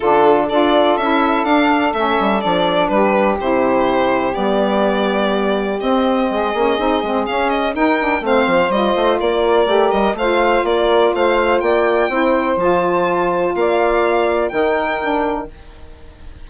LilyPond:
<<
  \new Staff \with { instrumentName = "violin" } { \time 4/4 \tempo 4 = 124 a'4 d''4 e''4 f''4 | e''4 d''4 b'4 c''4~ | c''4 d''2. | dis''2. f''8 dis''8 |
g''4 f''4 dis''4 d''4~ | d''8 dis''8 f''4 d''4 f''4 | g''2 a''2 | f''2 g''2 | }
  \new Staff \with { instrumentName = "saxophone" } { \time 4/4 f'4 a'2.~ | a'2 g'2~ | g'1~ | g'4 gis'2. |
ais'4 c''2 ais'4~ | ais'4 c''4 ais'4 c''4 | d''4 c''2. | d''2 ais'2 | }
  \new Staff \with { instrumentName = "saxophone" } { \time 4/4 d'4 f'4 e'4 d'4 | cis'4 d'2 e'4~ | e'4 b2. | c'4. cis'8 dis'8 c'8 cis'4 |
dis'8 d'8 c'4 f'2 | g'4 f'2.~ | f'4 e'4 f'2~ | f'2 dis'4 d'4 | }
  \new Staff \with { instrumentName = "bassoon" } { \time 4/4 d4 d'4 cis'4 d'4 | a8 g8 f4 g4 c4~ | c4 g2. | c'4 gis8 ais8 c'8 gis8 cis'4 |
dis'4 a8 f8 g8 a8 ais4 | a8 g8 a4 ais4 a4 | ais4 c'4 f2 | ais2 dis2 | }
>>